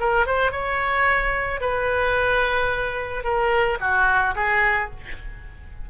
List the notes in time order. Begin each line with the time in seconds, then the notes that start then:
0.00 A#4
0.26 C5
0.52 C#5
1.61 B4
3.24 A#4
3.80 F#4
4.36 G#4